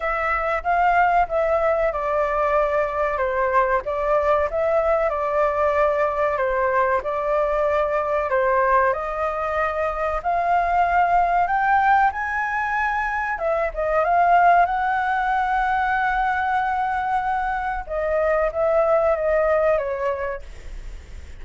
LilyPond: \new Staff \with { instrumentName = "flute" } { \time 4/4 \tempo 4 = 94 e''4 f''4 e''4 d''4~ | d''4 c''4 d''4 e''4 | d''2 c''4 d''4~ | d''4 c''4 dis''2 |
f''2 g''4 gis''4~ | gis''4 e''8 dis''8 f''4 fis''4~ | fis''1 | dis''4 e''4 dis''4 cis''4 | }